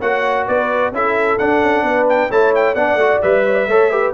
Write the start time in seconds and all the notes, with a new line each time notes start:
0.00 A#3 F#4 C#5 F#5
0.48 B3 B4 D5
0.92 C#4 E4 A4 E5
1.38 D4 F#5
1.63 C#4
1.83 B3 B4
2.09 G5
2.30 A3 E4 C#5 A5
2.55 G5
2.75 B3 D4 D5 F#5
2.95 A3 F#4
3.22 G3 B4 E5
3.46 C#5
3.54 D5
3.68 A3 A4 C#5
3.91 G4 B4